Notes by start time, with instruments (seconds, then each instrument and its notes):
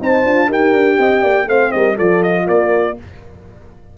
0.00 tuba C4, horn D#4 C5, trumpet A5
0.25 tuba D4, horn F4
0.48 tuba D#4, horn G4 A#4, trumpet G5
0.73 tuba D4
0.99 tuba C4, horn D#5
1.22 tuba A#3, horn D5
1.47 tuba A3, horn C4 C5, trumpet F5
1.72 tuba G3, horn A#4, trumpet D#5
1.96 tuba F3, horn F4 A4, trumpet D5
2.23 trumpet D#5
2.47 tuba A#3, horn A#4, trumpet D5